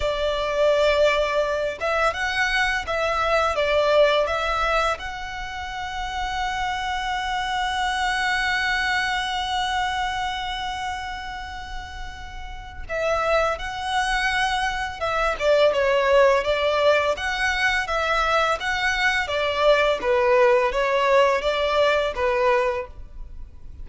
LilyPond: \new Staff \with { instrumentName = "violin" } { \time 4/4 \tempo 4 = 84 d''2~ d''8 e''8 fis''4 | e''4 d''4 e''4 fis''4~ | fis''1~ | fis''1~ |
fis''2 e''4 fis''4~ | fis''4 e''8 d''8 cis''4 d''4 | fis''4 e''4 fis''4 d''4 | b'4 cis''4 d''4 b'4 | }